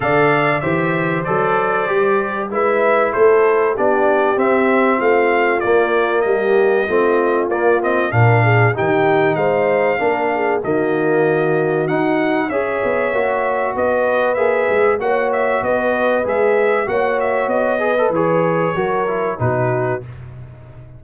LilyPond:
<<
  \new Staff \with { instrumentName = "trumpet" } { \time 4/4 \tempo 4 = 96 f''4 e''4 d''2 | e''4 c''4 d''4 e''4 | f''4 d''4 dis''2 | d''8 dis''8 f''4 g''4 f''4~ |
f''4 dis''2 fis''4 | e''2 dis''4 e''4 | fis''8 e''8 dis''4 e''4 fis''8 e''8 | dis''4 cis''2 b'4 | }
  \new Staff \with { instrumentName = "horn" } { \time 4/4 d''4 c''2. | b'4 a'4 g'2 | f'2 g'4 f'4~ | f'4 ais'8 gis'8 g'4 c''4 |
ais'8 gis'8 fis'2. | cis''2 b'2 | cis''4 b'2 cis''4~ | cis''8 b'4. ais'4 fis'4 | }
  \new Staff \with { instrumentName = "trombone" } { \time 4/4 a'4 g'4 a'4 g'4 | e'2 d'4 c'4~ | c'4 ais2 c'4 | ais8 c'8 d'4 dis'2 |
d'4 ais2 dis'4 | gis'4 fis'2 gis'4 | fis'2 gis'4 fis'4~ | fis'8 gis'16 a'16 gis'4 fis'8 e'8 dis'4 | }
  \new Staff \with { instrumentName = "tuba" } { \time 4/4 d4 e4 fis4 g4 | gis4 a4 b4 c'4 | a4 ais4 g4 a4 | ais4 ais,4 dis4 gis4 |
ais4 dis2 dis'4 | cis'8 b8 ais4 b4 ais8 gis8 | ais4 b4 gis4 ais4 | b4 e4 fis4 b,4 | }
>>